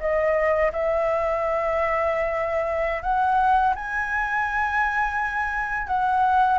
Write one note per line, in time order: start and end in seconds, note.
0.00 0.71 D#5
0.72 3.02 E5
3.02 3.74 F#5
3.75 5.87 G#5
5.87 6.58 F#5